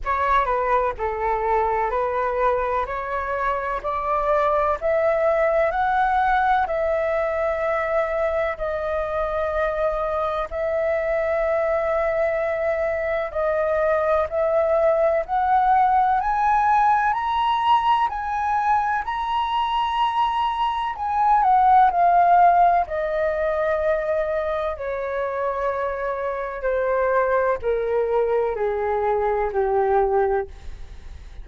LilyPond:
\new Staff \with { instrumentName = "flute" } { \time 4/4 \tempo 4 = 63 cis''8 b'8 a'4 b'4 cis''4 | d''4 e''4 fis''4 e''4~ | e''4 dis''2 e''4~ | e''2 dis''4 e''4 |
fis''4 gis''4 ais''4 gis''4 | ais''2 gis''8 fis''8 f''4 | dis''2 cis''2 | c''4 ais'4 gis'4 g'4 | }